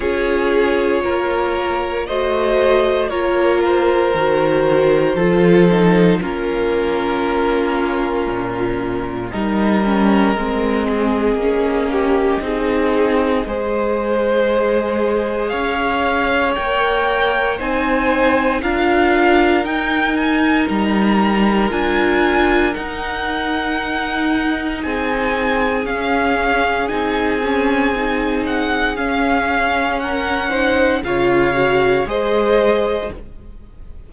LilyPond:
<<
  \new Staff \with { instrumentName = "violin" } { \time 4/4 \tempo 4 = 58 cis''2 dis''4 cis''8 c''8~ | c''2 ais'2~ | ais'4 dis''2.~ | dis''2. f''4 |
g''4 gis''4 f''4 g''8 gis''8 | ais''4 gis''4 fis''2 | gis''4 f''4 gis''4. fis''8 | f''4 fis''4 f''4 dis''4 | }
  \new Staff \with { instrumentName = "violin" } { \time 4/4 gis'4 ais'4 c''4 ais'4~ | ais'4 a'4 f'2~ | f'4 ais'4. gis'4 g'8 | gis'4 c''2 cis''4~ |
cis''4 c''4 ais'2~ | ais'1 | gis'1~ | gis'4 ais'8 c''8 cis''4 c''4 | }
  \new Staff \with { instrumentName = "viola" } { \time 4/4 f'2 fis'4 f'4 | fis'4 f'8 dis'8 cis'2~ | cis'4 dis'8 cis'8 c'4 cis'4 | dis'4 gis'2. |
ais'4 dis'4 f'4 dis'4~ | dis'4 f'4 dis'2~ | dis'4 cis'4 dis'8 cis'8 dis'4 | cis'4. dis'8 f'8 fis'8 gis'4 | }
  \new Staff \with { instrumentName = "cello" } { \time 4/4 cis'4 ais4 a4 ais4 | dis4 f4 ais2 | ais,4 g4 gis4 ais4 | c'4 gis2 cis'4 |
ais4 c'4 d'4 dis'4 | g4 d'4 dis'2 | c'4 cis'4 c'2 | cis'2 cis4 gis4 | }
>>